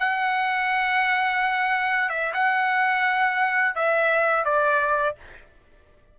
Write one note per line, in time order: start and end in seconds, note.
0.00 2.10 F#5
2.10 2.33 E5
2.34 3.76 F#5
3.76 4.45 E5
4.45 5.16 D5